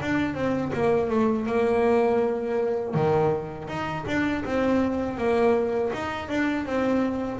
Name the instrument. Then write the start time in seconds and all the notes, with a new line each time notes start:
double bass
0.00 D4
0.34 C4
0.73 A#3
1.10 A3
1.46 A#3
2.94 D#3
3.68 D#4
4.07 D4
4.44 C4
5.17 A#3
5.93 D#4
6.29 D4
6.66 C4